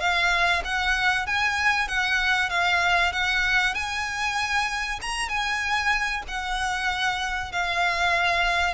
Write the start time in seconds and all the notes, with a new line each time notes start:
0.00 F5
0.64 F#5
1.27 G#5
1.88 F#5
2.50 F5
3.12 F#5
3.75 G#5
5.02 A#5
5.29 G#5
6.28 F#5
7.52 F5